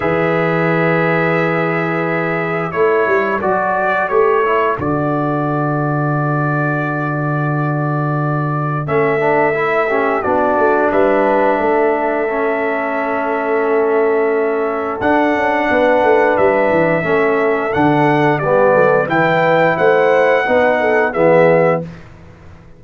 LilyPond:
<<
  \new Staff \with { instrumentName = "trumpet" } { \time 4/4 \tempo 4 = 88 e''1 | cis''4 d''4 cis''4 d''4~ | d''1~ | d''4 e''2 d''4 |
e''1~ | e''2 fis''2 | e''2 fis''4 d''4 | g''4 fis''2 e''4 | }
  \new Staff \with { instrumentName = "horn" } { \time 4/4 b'1 | a'1~ | a'1~ | a'2~ a'8 g'8 fis'4 |
b'4 a'2.~ | a'2. b'4~ | b'4 a'2 g'8 a'8 | b'4 c''4 b'8 a'8 gis'4 | }
  \new Staff \with { instrumentName = "trombone" } { \time 4/4 gis'1 | e'4 fis'4 g'8 e'8 fis'4~ | fis'1~ | fis'4 cis'8 d'8 e'8 cis'8 d'4~ |
d'2 cis'2~ | cis'2 d'2~ | d'4 cis'4 d'4 b4 | e'2 dis'4 b4 | }
  \new Staff \with { instrumentName = "tuba" } { \time 4/4 e1 | a8 g8 fis4 a4 d4~ | d1~ | d4 a2 b8 a8 |
g4 a2.~ | a2 d'8 cis'8 b8 a8 | g8 e8 a4 d4 g8 fis8 | e4 a4 b4 e4 | }
>>